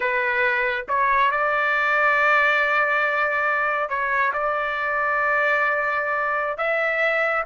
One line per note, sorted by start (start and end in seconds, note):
0.00 0.85 B4
0.88 1.31 C#5
1.31 3.89 D5
3.89 4.32 C#5
4.33 6.57 D5
6.57 7.44 E5